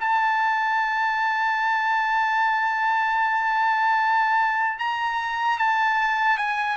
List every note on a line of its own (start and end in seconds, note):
0.00 4.79 A5
4.79 5.58 A#5
5.58 6.37 A5
6.37 6.76 G#5